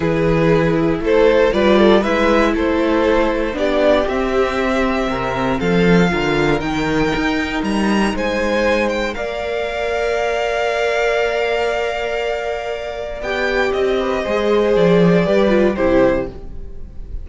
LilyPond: <<
  \new Staff \with { instrumentName = "violin" } { \time 4/4 \tempo 4 = 118 b'2 c''4 d''4 | e''4 c''2 d''4 | e''2. f''4~ | f''4 g''2 ais''4 |
gis''4. g''8 f''2~ | f''1~ | f''2 g''4 dis''4~ | dis''4 d''2 c''4 | }
  \new Staff \with { instrumentName = "violin" } { \time 4/4 gis'2 a'4 b'8 a'8 | b'4 a'2 g'4~ | g'2 ais'4 a'4 | ais'1 |
c''2 d''2~ | d''1~ | d''2.~ d''8 b'8 | c''2 b'4 g'4 | }
  \new Staff \with { instrumentName = "viola" } { \time 4/4 e'2. f'4 | e'2. d'4 | c'1 | f'4 dis'2.~ |
dis'2 ais'2~ | ais'1~ | ais'2 g'2 | gis'2 g'8 f'8 e'4 | }
  \new Staff \with { instrumentName = "cello" } { \time 4/4 e2 a4 g4 | gis4 a2 b4 | c'2 c4 f4 | d4 dis4 dis'4 g4 |
gis2 ais2~ | ais1~ | ais2 b4 c'4 | gis4 f4 g4 c4 | }
>>